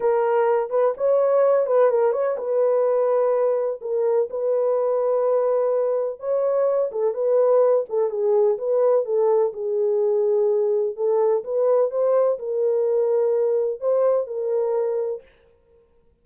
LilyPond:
\new Staff \with { instrumentName = "horn" } { \time 4/4 \tempo 4 = 126 ais'4. b'8 cis''4. b'8 | ais'8 cis''8 b'2. | ais'4 b'2.~ | b'4 cis''4. a'8 b'4~ |
b'8 a'8 gis'4 b'4 a'4 | gis'2. a'4 | b'4 c''4 ais'2~ | ais'4 c''4 ais'2 | }